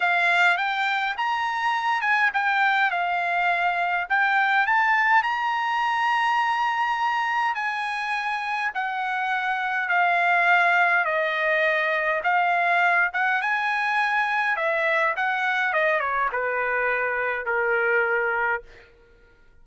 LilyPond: \new Staff \with { instrumentName = "trumpet" } { \time 4/4 \tempo 4 = 103 f''4 g''4 ais''4. gis''8 | g''4 f''2 g''4 | a''4 ais''2.~ | ais''4 gis''2 fis''4~ |
fis''4 f''2 dis''4~ | dis''4 f''4. fis''8 gis''4~ | gis''4 e''4 fis''4 dis''8 cis''8 | b'2 ais'2 | }